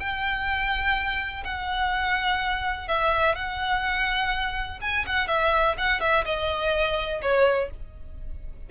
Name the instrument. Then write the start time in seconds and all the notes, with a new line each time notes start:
violin
0.00 G5
1.45 F#5
2.88 E5
3.36 F#5
4.82 G#5
5.07 F#5
5.28 E5
5.78 F#5
6.01 E5
6.26 D#5
7.22 C#5